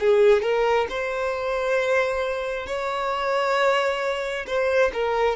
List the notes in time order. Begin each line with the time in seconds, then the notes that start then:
0.00 G#4
0.42 A#4
0.90 C5
2.67 C#5
4.47 C5
4.93 A#4